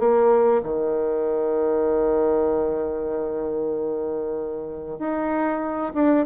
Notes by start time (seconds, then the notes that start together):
0.00 A#3
0.64 D#3
4.99 D#4
5.95 D4